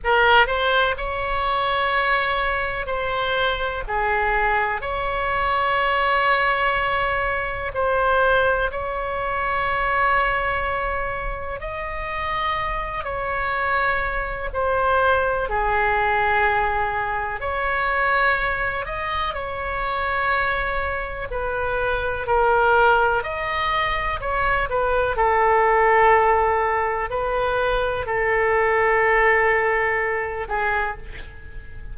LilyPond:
\new Staff \with { instrumentName = "oboe" } { \time 4/4 \tempo 4 = 62 ais'8 c''8 cis''2 c''4 | gis'4 cis''2. | c''4 cis''2. | dis''4. cis''4. c''4 |
gis'2 cis''4. dis''8 | cis''2 b'4 ais'4 | dis''4 cis''8 b'8 a'2 | b'4 a'2~ a'8 gis'8 | }